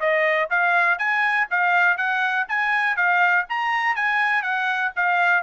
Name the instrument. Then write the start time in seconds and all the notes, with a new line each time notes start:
trumpet
0.00 D#5
0.50 F5
0.98 G#5
1.50 F5
1.97 F#5
2.49 G#5
2.97 F5
3.49 A#5
3.96 G#5
4.43 F#5
4.96 F5